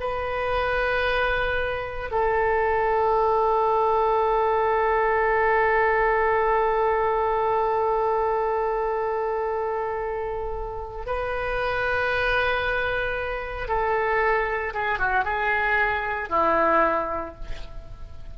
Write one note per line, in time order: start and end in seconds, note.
0.00 2.11 B4
2.11 11.06 A4
11.06 13.68 B4
13.68 14.73 A4
14.74 14.99 G#4
14.99 15.24 F#4
15.24 16.29 G#4
16.29 17.34 E4